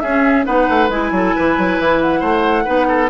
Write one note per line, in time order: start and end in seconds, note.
0.00 0.46 C#4
0.00 0.46 G#4
0.00 0.44 E5
0.07 0.45 C#4
0.45 0.69 B3
0.45 0.89 D#4
0.45 1.12 B4
0.45 0.89 F#5
0.69 0.89 A3
0.89 1.11 G#3
0.89 2.65 E4
0.89 2.00 G#5
1.12 1.33 F#3
1.12 1.36 A4
1.36 1.58 E3
1.36 2.20 B4
1.58 1.79 F#3
1.79 2.21 E3
2.01 3.10 F#5
2.20 2.65 A3
2.20 2.64 C5
2.65 3.10 B3
2.65 3.09 D#4
2.65 2.87 B4
2.88 3.10 A4